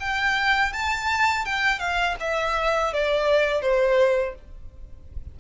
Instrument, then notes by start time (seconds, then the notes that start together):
violin
0.00 G5
0.73 A5
1.45 G5
1.79 F5
2.20 E5
2.93 D5
3.62 C5